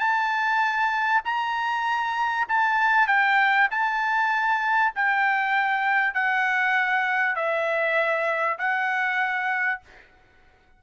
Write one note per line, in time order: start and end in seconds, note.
0.00 1.22 A5
1.25 2.48 A#5
2.49 3.08 A5
3.08 3.69 G5
3.71 4.94 A5
4.96 6.14 G5
6.14 7.36 F#5
7.36 8.59 E5
8.59 9.82 F#5